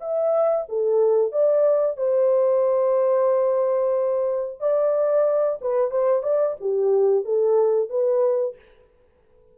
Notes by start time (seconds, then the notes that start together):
0.00 E5
0.68 A4
1.32 D5
1.96 C5
4.60 D5
5.61 B4
5.90 C5
6.22 D5
6.60 G4
7.25 A4
7.89 B4